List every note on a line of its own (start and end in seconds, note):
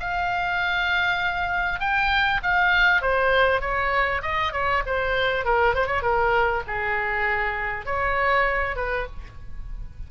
0.00 1.80 F5
1.80 2.41 G5
2.43 3.02 F5
3.02 3.61 C5
3.61 4.22 C#5
4.22 4.53 D#5
4.53 4.83 C#5
4.86 5.45 C5
5.45 5.75 A#4
5.75 5.87 C5
5.87 6.02 C#5
6.02 6.63 A#4
6.67 7.86 G#4
7.86 8.76 C#5
8.76 9.07 B4